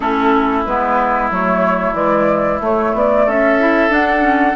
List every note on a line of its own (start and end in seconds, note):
0.00 0.65 A3
0.00 0.65 C#4
0.00 3.26 E4
0.00 0.63 A4
0.65 1.31 G#3
0.65 1.32 B3
0.65 1.30 B4
1.31 1.92 F#3
1.31 1.94 A3
1.31 1.94 C#5
1.92 2.58 E3
1.92 2.59 G#3
1.92 2.60 D5
2.60 2.93 A3
2.60 3.59 A3
2.60 2.96 C#5
2.93 3.26 B3
2.93 3.29 D5
3.26 3.89 C#4
3.26 4.56 A4
3.26 3.93 E5
3.59 3.90 E4
3.89 4.54 D4
3.89 4.19 D4
3.89 4.56 F#5
4.19 4.52 C#4